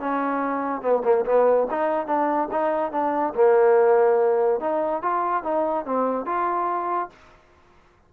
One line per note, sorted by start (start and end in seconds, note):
0.00 0.82 C#4
0.82 1.03 B3
1.04 1.25 A#3
1.25 1.67 B3
1.71 2.07 D#4
2.07 2.49 D4
2.52 2.92 D#4
2.92 3.34 D4
3.35 4.60 A#3
4.60 5.02 D#4
5.03 5.44 F4
5.44 5.86 D#4
5.86 6.26 C4
6.26 7.10 F4